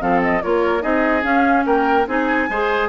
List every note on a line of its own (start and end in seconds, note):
0.00 0.42 F3
0.00 0.41 C4
0.00 0.43 A4
0.00 0.22 F5
0.22 0.42 D#5
0.42 0.83 A#3
0.42 0.81 F4
0.42 0.82 A#4
0.42 0.82 C#5
0.81 1.23 C4
0.81 1.22 D#4
0.81 1.65 G#4
0.81 1.23 D#5
1.22 2.05 C#4
1.22 1.64 C#4
1.22 1.65 F5
1.66 2.07 A#3
1.66 2.07 A#4
1.66 2.07 G5
2.07 2.48 C4
2.07 2.49 D#4
2.07 2.49 G#4
2.07 2.89 G#5
2.49 2.89 G#3
2.49 2.89 G#4
2.49 2.89 C5